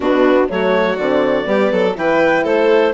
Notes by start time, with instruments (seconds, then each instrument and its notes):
0.00 bassoon B2, horn B3, violin D4, clarinet F#4
0.48 bassoon F#3, horn A3, violin F#4, clarinet C#5
0.96 bassoon D3, horn C4, clarinet D5
1.44 bassoon G3, horn B3, violin G4
1.71 bassoon F#3, violin A4
1.95 bassoon E3, horn E4, violin B4, clarinet G5
2.43 bassoon A3, violin A4, clarinet C5